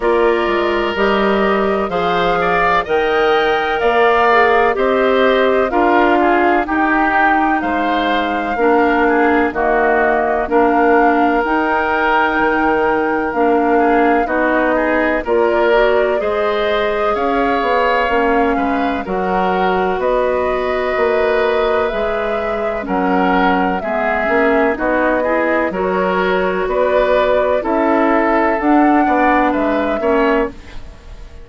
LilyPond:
<<
  \new Staff \with { instrumentName = "flute" } { \time 4/4 \tempo 4 = 63 d''4 dis''4 f''4 g''4 | f''4 dis''4 f''4 g''4 | f''2 dis''4 f''4 | g''2 f''4 dis''4 |
d''4 dis''4 f''2 | fis''4 dis''2 e''4 | fis''4 e''4 dis''4 cis''4 | d''4 e''4 fis''4 e''4 | }
  \new Staff \with { instrumentName = "oboe" } { \time 4/4 ais'2 c''8 d''8 dis''4 | d''4 c''4 ais'8 gis'8 g'4 | c''4 ais'8 gis'8 fis'4 ais'4~ | ais'2~ ais'8 gis'8 fis'8 gis'8 |
ais'4 c''4 cis''4. b'8 | ais'4 b'2. | ais'4 gis'4 fis'8 gis'8 ais'4 | b'4 a'4. d''8 b'8 cis''8 | }
  \new Staff \with { instrumentName = "clarinet" } { \time 4/4 f'4 g'4 gis'4 ais'4~ | ais'8 gis'8 g'4 f'4 dis'4~ | dis'4 d'4 ais4 d'4 | dis'2 d'4 dis'4 |
f'8 fis'8 gis'2 cis'4 | fis'2. gis'4 | cis'4 b8 cis'8 dis'8 e'8 fis'4~ | fis'4 e'4 d'4. cis'8 | }
  \new Staff \with { instrumentName = "bassoon" } { \time 4/4 ais8 gis8 g4 f4 dis4 | ais4 c'4 d'4 dis'4 | gis4 ais4 dis4 ais4 | dis'4 dis4 ais4 b4 |
ais4 gis4 cis'8 b8 ais8 gis8 | fis4 b4 ais4 gis4 | fis4 gis8 ais8 b4 fis4 | b4 cis'4 d'8 b8 gis8 ais8 | }
>>